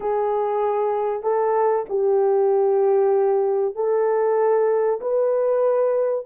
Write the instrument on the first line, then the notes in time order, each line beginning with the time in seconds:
horn
0.00 G#4
1.22 A4
1.89 G4
3.75 A4
5.00 B4